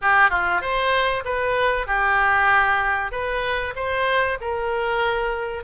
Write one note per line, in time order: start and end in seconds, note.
0.01 0.30 G4
0.30 0.61 F4
0.61 1.23 C5
1.24 1.86 B4
1.86 3.11 G4
3.11 3.74 B4
3.75 4.38 C5
4.40 5.63 A#4